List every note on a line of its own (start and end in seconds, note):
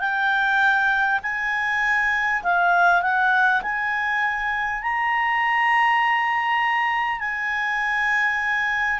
0.00 1.20 G5
1.23 2.43 G#5
2.43 3.02 F5
3.02 3.62 F#5
3.62 4.82 G#5
4.83 7.20 A#5
7.20 9.00 G#5